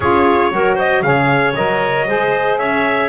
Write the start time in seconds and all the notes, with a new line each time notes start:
0.00 C#4 F4 G#4 C#5
0.51 F#3 F#4 A#4
0.75 C5 D#5
1.02 C#3 G#4 C#5 F5
1.55 F#3 A#4 D#5
2.06 G#3 G#4 C5
2.58 C#4 C#5 E5